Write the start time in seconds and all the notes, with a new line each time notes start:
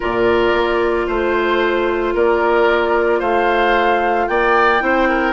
0.00 A#2 F4 A#4 D5
0.53 A#3
1.06 A3 C5
2.14 A#3 A#4 D5
3.19 A3 C5 F5
4.27 A#3 D5 G5
4.79 C4 E4 C5
5.08 A#4